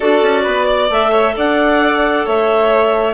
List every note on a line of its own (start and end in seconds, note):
0.00 0.22 D4
0.00 0.88 F#4
0.00 0.41 A4
0.00 0.90 D5
0.22 0.45 C#4
0.43 0.89 B3
0.43 0.65 B4
0.65 1.10 D5
0.89 1.34 A3
0.89 3.14 A4
0.89 1.36 E5
1.11 1.34 C#5
1.36 2.27 D4
1.36 2.25 D5
1.36 2.27 F#5
2.25 3.14 A3
2.25 3.14 C#5
2.25 3.14 E5